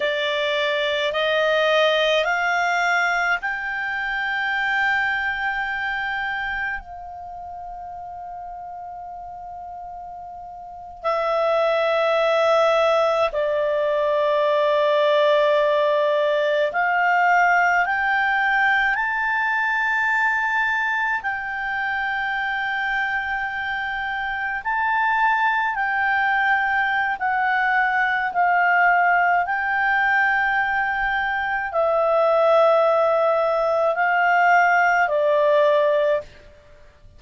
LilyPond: \new Staff \with { instrumentName = "clarinet" } { \time 4/4 \tempo 4 = 53 d''4 dis''4 f''4 g''4~ | g''2 f''2~ | f''4.~ f''16 e''2 d''16~ | d''2~ d''8. f''4 g''16~ |
g''8. a''2 g''4~ g''16~ | g''4.~ g''16 a''4 g''4~ g''16 | fis''4 f''4 g''2 | e''2 f''4 d''4 | }